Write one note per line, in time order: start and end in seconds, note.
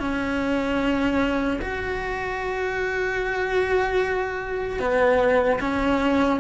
0.00 1.60 C#4
1.62 4.80 F#4
4.80 5.60 B3
5.61 6.40 C#4